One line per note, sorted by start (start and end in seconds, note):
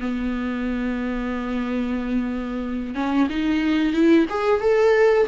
0.00 2.95 B3
2.95 3.28 C#4
3.30 3.93 D#4
3.93 4.26 E4
4.30 4.61 G#4
4.61 5.27 A4